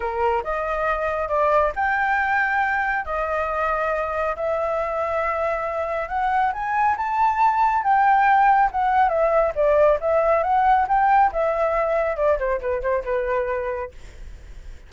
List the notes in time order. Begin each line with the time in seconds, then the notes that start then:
0.00 A#4
0.43 D#5
1.28 D5
1.75 G5
3.05 D#5
4.35 E5
6.08 F#5
6.53 G#5
6.97 A5
7.83 G5
8.71 F#5
9.08 E5
9.55 D5
10.00 E5
10.43 F#5
10.88 G5
11.32 E5
12.16 D5
12.38 C5
12.60 B4
12.81 C5
13.04 B4